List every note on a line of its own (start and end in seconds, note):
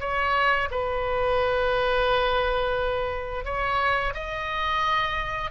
0.00 0.69 C#5
0.71 3.45 B4
3.45 4.14 C#5
4.14 5.51 D#5